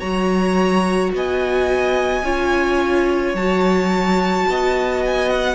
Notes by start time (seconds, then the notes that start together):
0.00 F#3 F#4 C#5 A#5
1.14 B3 D#5 G#5
2.23 C#4 F4 C#5
3.34 F#3 F#4 A5
4.49 B3 D#5
5.06 G#5
5.30 F#5